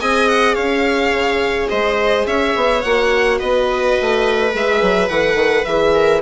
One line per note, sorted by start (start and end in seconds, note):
0.00 0.57 C4
0.00 2.83 G#4
0.00 0.55 D#5
0.00 0.28 G#5
0.28 0.54 F#5
0.54 1.12 C#4
0.54 1.68 C#5
0.54 1.68 F5
1.12 1.69 C#3
1.69 2.26 G#3
1.69 2.27 C5
1.69 2.25 D#5
2.26 2.54 C#4
2.26 3.39 C#5
2.26 2.82 E5
2.55 2.84 B3
2.82 3.41 A#3
2.82 4.52 F#4
2.82 3.38 F#5
3.39 3.97 B3
3.39 5.93 B4
3.39 4.52 D#5
4.01 4.53 A3
4.52 4.82 G#3
4.52 5.09 G#4
4.52 5.08 E5
4.82 5.09 F#3
5.08 5.34 E3
5.08 5.66 A4
5.08 5.65 F#5
5.34 5.62 D#3
5.65 6.22 E3
5.65 6.22 G#4
5.65 6.21 E5
5.94 6.22 A#4